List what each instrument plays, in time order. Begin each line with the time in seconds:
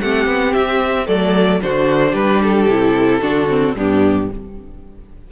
0.00 cello A3, viola C4, violin G4 F#5
0.26 cello B3
0.53 cello C4, violin E5
1.06 cello F#3, viola A3, violin A4 D5
1.62 cello D3, viola D4, violin F#4 C5
2.11 cello G3, violin G4 B4
2.42 violin A4
2.67 cello C3, viola E4
3.21 cello D3, viola D4, violin F#4
3.48 viola C4
3.75 cello G2, viola B3, violin D4 G4